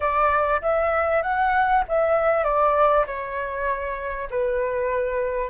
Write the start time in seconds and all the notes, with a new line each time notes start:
0.00 D5
0.61 E5
1.22 F#5
1.88 E5
2.44 D5
3.06 C#5
4.30 B4